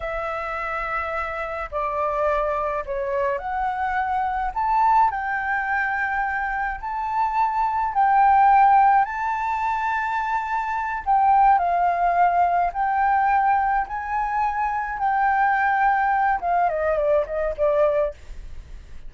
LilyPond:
\new Staff \with { instrumentName = "flute" } { \time 4/4 \tempo 4 = 106 e''2. d''4~ | d''4 cis''4 fis''2 | a''4 g''2. | a''2 g''2 |
a''2.~ a''8 g''8~ | g''8 f''2 g''4.~ | g''8 gis''2 g''4.~ | g''4 f''8 dis''8 d''8 dis''8 d''4 | }